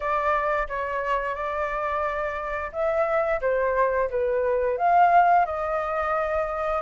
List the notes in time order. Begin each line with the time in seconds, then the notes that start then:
0.00 D5
0.68 C#5
1.35 D5
2.72 E5
3.41 C5
4.09 B4
4.77 F5
5.45 D#5